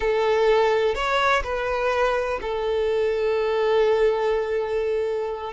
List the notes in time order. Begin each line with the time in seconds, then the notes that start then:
0.00 A4
0.94 C#5
1.43 B4
2.41 A4